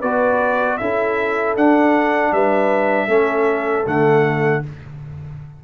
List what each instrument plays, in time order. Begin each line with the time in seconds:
0.00 tuba B3, trombone F#4, horn B4, trumpet D5
0.78 tuba C#4, trombone E4, horn A4, trumpet E5
1.56 tuba D4, trombone D4, trumpet F#5
2.32 tuba G3, horn B4, trumpet E5
3.08 tuba A3, trombone C#4, horn A4
3.87 tuba D3, trombone A3, trumpet F#5